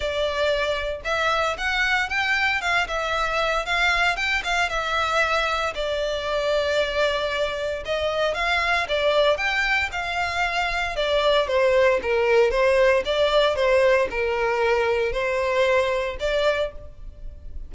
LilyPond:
\new Staff \with { instrumentName = "violin" } { \time 4/4 \tempo 4 = 115 d''2 e''4 fis''4 | g''4 f''8 e''4. f''4 | g''8 f''8 e''2 d''4~ | d''2. dis''4 |
f''4 d''4 g''4 f''4~ | f''4 d''4 c''4 ais'4 | c''4 d''4 c''4 ais'4~ | ais'4 c''2 d''4 | }